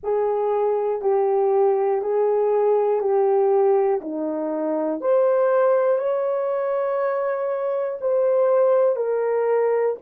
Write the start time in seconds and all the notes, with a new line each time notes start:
0.03 G#4
1.01 G4
2.01 G#4
3.00 G4
4.00 D#4
5.00 C5
5.98 C#5
8.00 C5
8.95 A#4